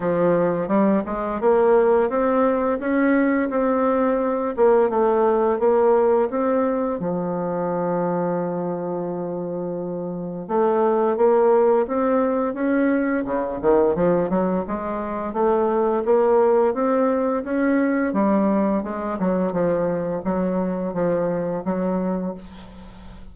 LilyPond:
\new Staff \with { instrumentName = "bassoon" } { \time 4/4 \tempo 4 = 86 f4 g8 gis8 ais4 c'4 | cis'4 c'4. ais8 a4 | ais4 c'4 f2~ | f2. a4 |
ais4 c'4 cis'4 cis8 dis8 | f8 fis8 gis4 a4 ais4 | c'4 cis'4 g4 gis8 fis8 | f4 fis4 f4 fis4 | }